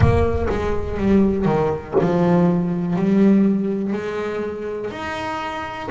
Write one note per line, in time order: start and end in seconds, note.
0.00 0.47 A#3
0.49 0.97 G#3
0.97 1.45 G3
1.45 1.94 D#3
2.00 2.96 F3
2.96 3.92 G3
3.92 4.90 G#3
4.90 5.89 D#4